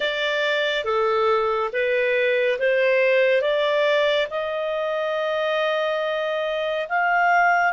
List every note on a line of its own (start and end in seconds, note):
0.00 0.84 D5
0.84 1.70 A4
1.72 2.58 B4
2.59 3.41 C5
3.41 4.27 D5
4.30 6.87 D#5
6.88 7.72 F5